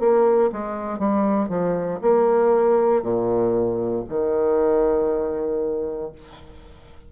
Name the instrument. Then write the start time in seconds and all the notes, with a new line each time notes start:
bassoon
0.00 A#3
0.53 G#3
0.99 G3
1.49 F3
2.02 A#3
3.03 A#2
4.09 D#3